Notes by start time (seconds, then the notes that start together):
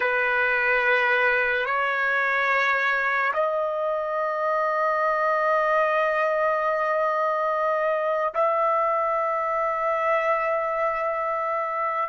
0.00 B4
1.65 C#5
3.33 D#5
8.34 E5